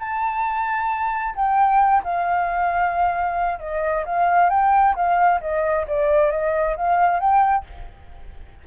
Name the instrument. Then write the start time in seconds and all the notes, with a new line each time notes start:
flute
0.00 A5
1.36 G5
2.04 F5
3.60 D#5
4.06 F5
4.50 G5
4.96 F5
5.41 D#5
5.87 D5
6.32 D#5
6.77 F5
7.20 G5